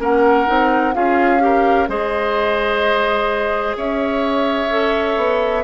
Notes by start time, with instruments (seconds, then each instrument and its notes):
0.00 bassoon A#3, clarinet C#4, oboe A#4, flute F#5
0.47 bassoon C4, clarinet D#4
0.94 bassoon C#4, clarinet F4, oboe G#4, flute F5
1.40 clarinet G4, oboe A#4
1.88 bassoon G#3, clarinet G#4, oboe C5, flute D#5
3.77 bassoon C#4, oboe C#5, flute E5
4.70 clarinet A4
5.17 bassoon B3